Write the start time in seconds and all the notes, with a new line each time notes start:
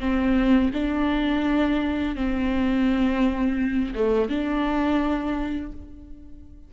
0.00 C4
0.74 D4
2.16 C4
3.95 A3
4.29 D4